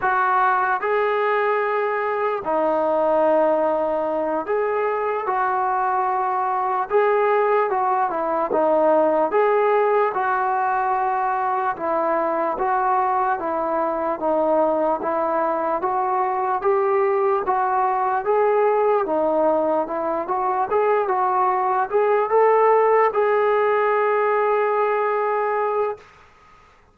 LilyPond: \new Staff \with { instrumentName = "trombone" } { \time 4/4 \tempo 4 = 74 fis'4 gis'2 dis'4~ | dis'4. gis'4 fis'4.~ | fis'8 gis'4 fis'8 e'8 dis'4 gis'8~ | gis'8 fis'2 e'4 fis'8~ |
fis'8 e'4 dis'4 e'4 fis'8~ | fis'8 g'4 fis'4 gis'4 dis'8~ | dis'8 e'8 fis'8 gis'8 fis'4 gis'8 a'8~ | a'8 gis'2.~ gis'8 | }